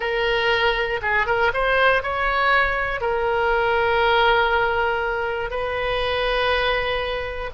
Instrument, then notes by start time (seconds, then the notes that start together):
oboe
0.00 A#4
1.02 G#4
1.26 A#4
1.53 C5
2.02 C#5
3.00 A#4
5.50 B4